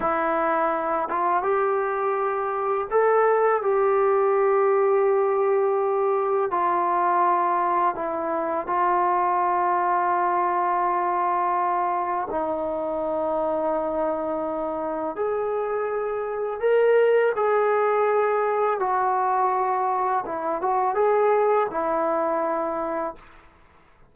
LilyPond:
\new Staff \with { instrumentName = "trombone" } { \time 4/4 \tempo 4 = 83 e'4. f'8 g'2 | a'4 g'2.~ | g'4 f'2 e'4 | f'1~ |
f'4 dis'2.~ | dis'4 gis'2 ais'4 | gis'2 fis'2 | e'8 fis'8 gis'4 e'2 | }